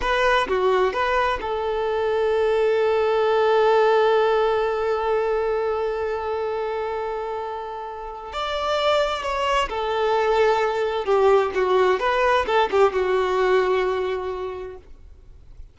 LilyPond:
\new Staff \with { instrumentName = "violin" } { \time 4/4 \tempo 4 = 130 b'4 fis'4 b'4 a'4~ | a'1~ | a'1~ | a'1~ |
a'2 d''2 | cis''4 a'2. | g'4 fis'4 b'4 a'8 g'8 | fis'1 | }